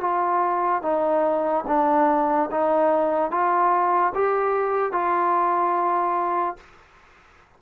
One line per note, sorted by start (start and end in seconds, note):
0.00 0.82 F4
0.82 1.64 D#4
1.67 2.50 D4
2.51 3.31 D#4
3.31 4.13 F4
4.15 4.92 G4
4.92 6.56 F4